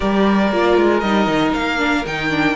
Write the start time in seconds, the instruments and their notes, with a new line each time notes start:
0.00 cello G3, viola G4, violin A#4 D5
0.52 cello A#3, viola F4
0.78 cello G#3
1.00 cello G3, viola D#4, violin D#5
1.26 cello D#3
1.54 cello A#3, violin F5
1.77 viola D4
2.05 cello D#3, viola D#4, violin G5
2.29 viola D4